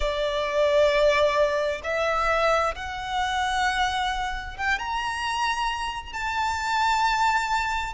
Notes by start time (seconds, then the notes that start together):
0.00 D5
1.83 E5
2.75 F#5
4.57 G5
4.79 A#5
6.13 A5